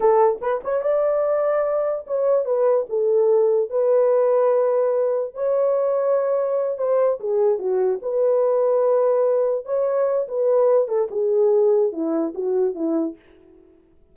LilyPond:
\new Staff \with { instrumentName = "horn" } { \time 4/4 \tempo 4 = 146 a'4 b'8 cis''8 d''2~ | d''4 cis''4 b'4 a'4~ | a'4 b'2.~ | b'4 cis''2.~ |
cis''8 c''4 gis'4 fis'4 b'8~ | b'2.~ b'8 cis''8~ | cis''4 b'4. a'8 gis'4~ | gis'4 e'4 fis'4 e'4 | }